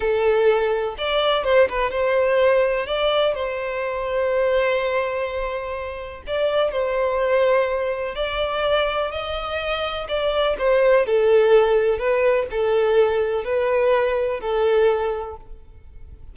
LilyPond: \new Staff \with { instrumentName = "violin" } { \time 4/4 \tempo 4 = 125 a'2 d''4 c''8 b'8 | c''2 d''4 c''4~ | c''1~ | c''4 d''4 c''2~ |
c''4 d''2 dis''4~ | dis''4 d''4 c''4 a'4~ | a'4 b'4 a'2 | b'2 a'2 | }